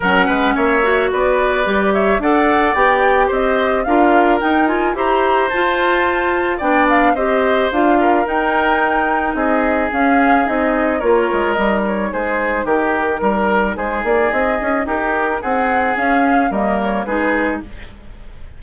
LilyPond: <<
  \new Staff \with { instrumentName = "flute" } { \time 4/4 \tempo 4 = 109 fis''4 e''4 d''4. e''8 | fis''4 g''4 dis''4 f''4 | g''8 gis''8 ais''4 a''2 | g''8 f''8 dis''4 f''4 g''4~ |
g''4 dis''4 f''4 dis''4 | cis''4 dis''8 cis''8 c''4 ais'4~ | ais'4 c''8 d''8 dis''4 ais'4 | fis''4 f''4 dis''8 cis''8 b'4 | }
  \new Staff \with { instrumentName = "oboe" } { \time 4/4 ais'8 b'8 cis''4 b'4. cis''8 | d''2 c''4 ais'4~ | ais'4 c''2. | d''4 c''4. ais'4.~ |
ais'4 gis'2. | ais'2 gis'4 g'4 | ais'4 gis'2 g'4 | gis'2 ais'4 gis'4 | }
  \new Staff \with { instrumentName = "clarinet" } { \time 4/4 cis'4. fis'4. g'4 | a'4 g'2 f'4 | dis'8 f'8 g'4 f'2 | d'4 g'4 f'4 dis'4~ |
dis'2 cis'4 dis'4 | f'4 dis'2.~ | dis'1~ | dis'4 cis'4 ais4 dis'4 | }
  \new Staff \with { instrumentName = "bassoon" } { \time 4/4 fis8 gis8 ais4 b4 g4 | d'4 b4 c'4 d'4 | dis'4 e'4 f'2 | b4 c'4 d'4 dis'4~ |
dis'4 c'4 cis'4 c'4 | ais8 gis8 g4 gis4 dis4 | g4 gis8 ais8 c'8 cis'8 dis'4 | c'4 cis'4 g4 gis4 | }
>>